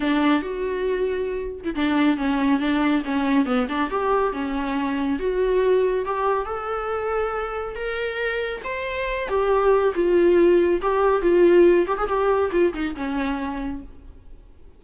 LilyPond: \new Staff \with { instrumentName = "viola" } { \time 4/4 \tempo 4 = 139 d'4 fis'2~ fis'8. e'16 | d'4 cis'4 d'4 cis'4 | b8 d'8 g'4 cis'2 | fis'2 g'4 a'4~ |
a'2 ais'2 | c''4. g'4. f'4~ | f'4 g'4 f'4. g'16 gis'16 | g'4 f'8 dis'8 cis'2 | }